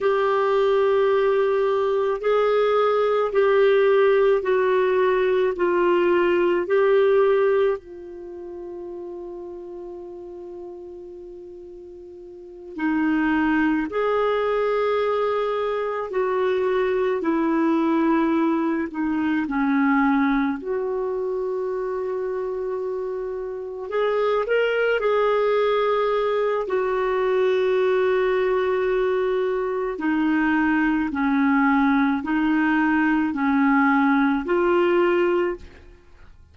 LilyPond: \new Staff \with { instrumentName = "clarinet" } { \time 4/4 \tempo 4 = 54 g'2 gis'4 g'4 | fis'4 f'4 g'4 f'4~ | f'2.~ f'8 dis'8~ | dis'8 gis'2 fis'4 e'8~ |
e'4 dis'8 cis'4 fis'4.~ | fis'4. gis'8 ais'8 gis'4. | fis'2. dis'4 | cis'4 dis'4 cis'4 f'4 | }